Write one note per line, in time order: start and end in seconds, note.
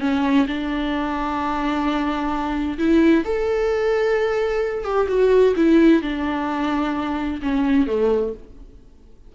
0.00 0.46 C#4
0.47 2.78 D4
2.78 3.24 E4
3.24 4.84 A4
4.84 5.07 G4
5.08 5.54 F#4
5.56 6.02 E4
6.02 7.40 D4
7.42 7.87 C#4
7.87 8.33 A3